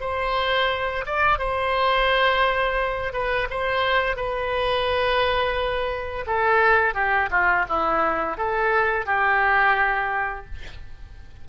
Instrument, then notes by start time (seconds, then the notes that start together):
oboe
0.00 C5
1.06 D5
1.38 C5
3.13 B4
3.50 C5
4.16 B4
6.26 A4
6.94 G4
7.30 F4
7.68 E4
8.37 A4
9.06 G4